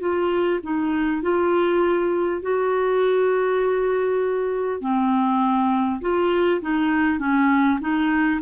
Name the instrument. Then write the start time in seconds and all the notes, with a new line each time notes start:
clarinet
0.00 F4
0.63 D#4
1.22 F4
2.42 F#4
4.81 C4
6.01 F4
6.62 D#4
7.19 C#4
7.81 D#4